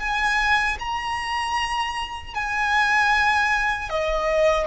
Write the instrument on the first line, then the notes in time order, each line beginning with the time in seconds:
violin
0.00 G#5
0.80 A#5
2.35 G#5
3.90 D#5